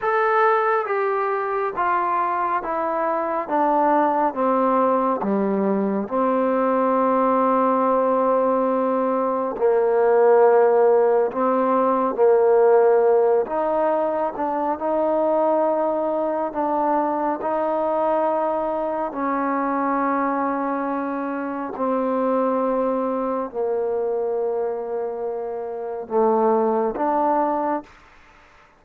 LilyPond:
\new Staff \with { instrumentName = "trombone" } { \time 4/4 \tempo 4 = 69 a'4 g'4 f'4 e'4 | d'4 c'4 g4 c'4~ | c'2. ais4~ | ais4 c'4 ais4. dis'8~ |
dis'8 d'8 dis'2 d'4 | dis'2 cis'2~ | cis'4 c'2 ais4~ | ais2 a4 d'4 | }